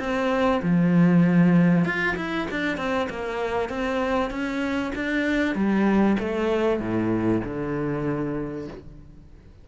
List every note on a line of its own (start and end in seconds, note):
0.00 0.62 C4
0.63 1.85 F3
1.85 2.16 F4
2.17 2.48 E4
2.51 2.78 D4
2.78 3.08 C4
3.10 3.70 A#3
3.70 4.31 C4
4.31 4.93 C#4
4.95 5.56 D4
5.56 6.17 G3
6.20 6.80 A3
6.80 7.42 A2
7.45 8.68 D3